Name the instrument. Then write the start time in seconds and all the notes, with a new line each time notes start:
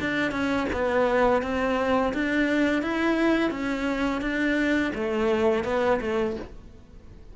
cello
0.00 D4
0.31 C#4
0.72 B3
1.42 C4
2.13 D4
2.82 E4
3.50 C#4
4.21 D4
4.94 A3
5.64 B3
6.01 A3